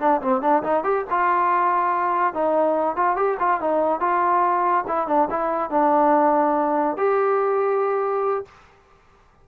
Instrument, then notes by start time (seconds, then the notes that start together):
trombone
0.00 D4
0.22 C4
0.41 D4
0.63 D#4
0.84 G4
1.10 F4
2.34 D#4
2.97 F4
3.17 G4
3.40 F4
3.61 D#4
4.00 F4
4.87 E4
5.08 D4
5.30 E4
5.70 D4
6.97 G4